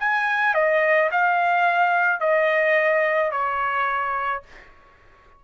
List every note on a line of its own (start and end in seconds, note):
0.00 0.54 G#5
0.54 1.10 D#5
1.11 2.20 F5
2.20 3.31 D#5
3.31 4.42 C#5